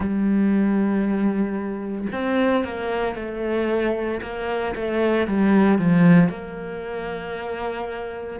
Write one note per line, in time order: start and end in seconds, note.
0.00 2.06 G3
2.12 2.64 C4
2.64 3.15 A#3
3.15 4.21 A3
4.22 4.74 A#3
4.75 5.27 A3
5.27 5.78 G3
5.78 6.29 F3
6.29 8.39 A#3